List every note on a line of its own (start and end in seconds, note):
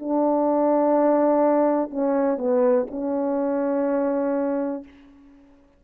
0.00 1.90 D4
1.90 2.38 C#4
2.38 2.86 B3
2.91 4.84 C#4